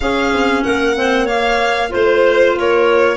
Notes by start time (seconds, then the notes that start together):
0.00 C#4 G#4 F5
0.33 C4
0.63 A#3 A#4 F#5
0.95 C4 C5
1.25 A#3 C#5 F5
1.89 A3 F4 C5
2.55 A#3 A#4 C#5